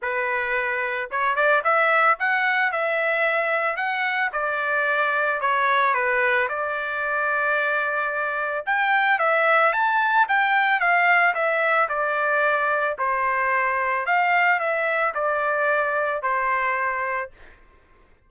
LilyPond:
\new Staff \with { instrumentName = "trumpet" } { \time 4/4 \tempo 4 = 111 b'2 cis''8 d''8 e''4 | fis''4 e''2 fis''4 | d''2 cis''4 b'4 | d''1 |
g''4 e''4 a''4 g''4 | f''4 e''4 d''2 | c''2 f''4 e''4 | d''2 c''2 | }